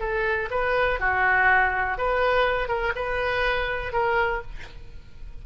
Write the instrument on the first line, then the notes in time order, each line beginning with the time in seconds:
oboe
0.00 A4
0.51 B4
1.00 F#4
1.98 B4
2.68 A#4
2.96 B4
3.93 A#4